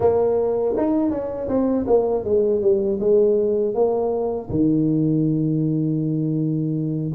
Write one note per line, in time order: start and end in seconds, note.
0.00 0.75 A#3
0.77 1.10 D#4
1.10 1.48 C#4
1.48 1.85 C4
1.86 2.24 A#3
2.24 2.61 G#3
2.61 2.99 G3
3.00 3.74 G#3
3.74 4.49 A#3
4.49 7.12 D#3